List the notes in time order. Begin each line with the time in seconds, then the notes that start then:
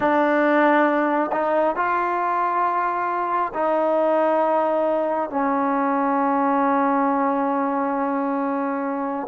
0.00 D4
1.32 D#4
1.76 F4
3.53 D#4
5.29 C#4